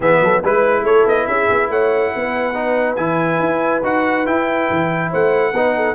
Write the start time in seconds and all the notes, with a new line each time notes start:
0.00 E3 B3 G#4 E5
0.21 F#3 A4
0.42 G#3 E4 B4
0.83 A3 A4 C#5
1.05 B3 D#5
1.27 C#4 G#4 E5
1.49 B3
1.69 A3 C#5 F#5
2.15 B3 B4
2.54 D#4
2.96 E3 E4 G#5
3.39 E4
3.83 D#4 F#4 F#5
4.26 E4 G5
4.70 E3
5.10 A3 C5 F#5
5.52 B3 D#4 B4
5.76 A4